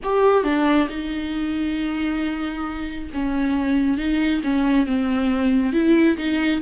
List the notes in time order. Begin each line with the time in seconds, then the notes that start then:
0.03 G4
0.43 D4
0.89 D#4
3.13 C#4
3.97 D#4
4.43 C#4
4.86 C4
5.72 E4
6.17 D#4